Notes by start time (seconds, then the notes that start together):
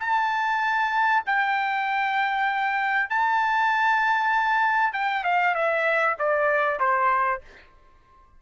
0.00 A5
1.26 G5
3.10 A5
4.93 G5
5.24 F5
5.55 E5
6.19 D5
6.80 C5